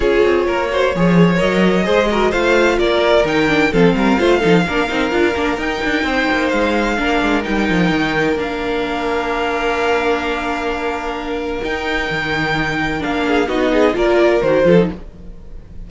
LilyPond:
<<
  \new Staff \with { instrumentName = "violin" } { \time 4/4 \tempo 4 = 129 cis''2. dis''4~ | dis''4 f''4 d''4 g''4 | f''1 | g''2 f''2 |
g''2 f''2~ | f''1~ | f''4 g''2. | f''4 dis''4 d''4 c''4 | }
  \new Staff \with { instrumentName = "violin" } { \time 4/4 gis'4 ais'8 c''8 cis''2 | c''8 ais'8 c''4 ais'2 | a'8 ais'8 c''8 a'8 ais'2~ | ais'4 c''2 ais'4~ |
ais'1~ | ais'1~ | ais'1~ | ais'8 gis'8 fis'8 gis'8 ais'4. a'8 | }
  \new Staff \with { instrumentName = "viola" } { \time 4/4 f'4. fis'8 gis'4 ais'4 | gis'8 fis'8 f'2 dis'8 d'8 | c'4 f'8 dis'8 d'8 dis'8 f'8 d'8 | dis'2. d'4 |
dis'2 d'2~ | d'1~ | d'4 dis'2. | d'4 dis'4 f'4 fis'8 f'16 dis'16 | }
  \new Staff \with { instrumentName = "cello" } { \time 4/4 cis'8 c'8 ais4 f4 fis4 | gis4 a4 ais4 dis4 | f8 g8 a8 f8 ais8 c'8 d'8 ais8 | dis'8 d'8 c'8 ais8 gis4 ais8 gis8 |
g8 f8 dis4 ais2~ | ais1~ | ais4 dis'4 dis2 | ais4 b4 ais4 dis8 f8 | }
>>